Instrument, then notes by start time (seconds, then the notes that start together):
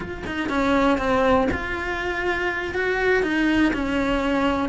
cello
0.00 F4
0.26 D#4
0.49 C#4
0.98 C4
1.51 F4
2.74 F#4
3.23 D#4
3.73 C#4